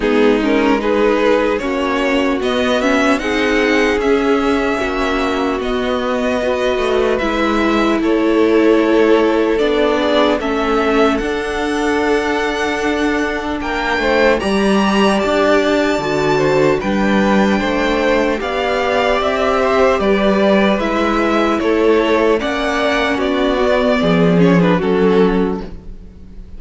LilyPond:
<<
  \new Staff \with { instrumentName = "violin" } { \time 4/4 \tempo 4 = 75 gis'8 ais'8 b'4 cis''4 dis''8 e''8 | fis''4 e''2 dis''4~ | dis''4 e''4 cis''2 | d''4 e''4 fis''2~ |
fis''4 g''4 ais''4 a''4~ | a''4 g''2 f''4 | e''4 d''4 e''4 cis''4 | fis''4 d''4. cis''16 b'16 a'4 | }
  \new Staff \with { instrumentName = "violin" } { \time 4/4 dis'4 gis'4 fis'2 | gis'2 fis'2 | b'2 a'2~ | a'8 gis'8 a'2.~ |
a'4 ais'8 c''8 d''2~ | d''8 c''8 b'4 c''4 d''4~ | d''8 c''8 b'2 a'4 | d''4 fis'4 gis'4 fis'4 | }
  \new Staff \with { instrumentName = "viola" } { \time 4/4 b8 cis'8 dis'4 cis'4 b8 cis'8 | dis'4 cis'2 b4 | fis'4 e'2. | d'4 cis'4 d'2~ |
d'2 g'2 | fis'4 d'2 g'4~ | g'2 e'2 | cis'4. b4 cis'16 d'16 cis'4 | }
  \new Staff \with { instrumentName = "cello" } { \time 4/4 gis2 ais4 b4 | c'4 cis'4 ais4 b4~ | b8 a8 gis4 a2 | b4 a4 d'2~ |
d'4 ais8 a8 g4 d'4 | d4 g4 a4 b4 | c'4 g4 gis4 a4 | ais4 b4 f4 fis4 | }
>>